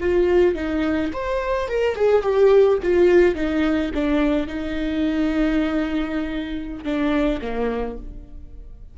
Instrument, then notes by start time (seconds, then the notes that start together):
viola
0.00 F4
0.55 D#4
1.13 C5
1.68 A#4
1.95 G#4
2.22 G4
2.82 F4
3.35 D#4
3.94 D4
4.47 D#4
6.84 D4
7.41 A#3